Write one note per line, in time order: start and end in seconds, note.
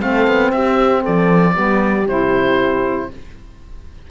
0.00 0.27 A3
0.00 1.54 C4
0.00 0.52 A4
0.00 0.52 F5
0.27 0.52 B3
0.52 1.04 C4
0.52 1.03 G4
0.52 1.03 E5
1.03 1.57 F3
1.03 1.54 A4
1.03 2.08 D5
1.54 2.07 G3
1.54 2.05 B3
1.54 3.09 G4
2.07 3.10 C3
2.07 3.10 E4
2.07 3.11 C5